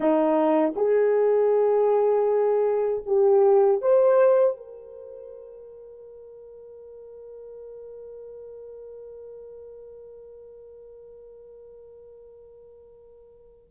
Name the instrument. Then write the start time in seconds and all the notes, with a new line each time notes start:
horn
0.00 D#4
0.76 G#4
3.06 G4
3.81 C5
4.56 A#4